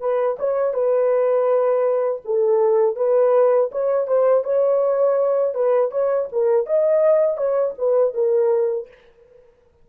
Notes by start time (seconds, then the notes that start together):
0.00 B4
0.39 C#5
0.74 B4
2.25 A4
2.96 B4
3.72 C#5
4.07 C5
4.44 C#5
5.54 B4
5.92 C#5
6.32 A#4
6.67 D#5
7.37 C#5
7.78 B4
8.14 A#4